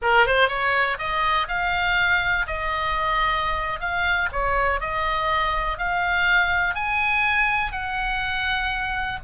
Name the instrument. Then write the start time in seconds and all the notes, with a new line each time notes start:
oboe
0.02 A#4
0.26 C5
0.48 C#5
0.98 D#5
1.48 F5
2.46 D#5
3.79 F5
4.32 C#5
4.80 D#5
5.78 F5
6.75 G#5
7.71 F#5